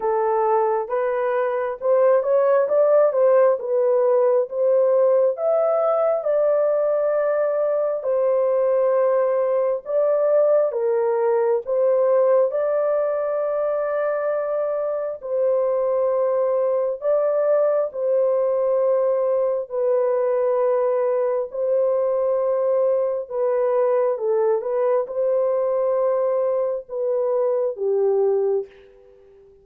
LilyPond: \new Staff \with { instrumentName = "horn" } { \time 4/4 \tempo 4 = 67 a'4 b'4 c''8 cis''8 d''8 c''8 | b'4 c''4 e''4 d''4~ | d''4 c''2 d''4 | ais'4 c''4 d''2~ |
d''4 c''2 d''4 | c''2 b'2 | c''2 b'4 a'8 b'8 | c''2 b'4 g'4 | }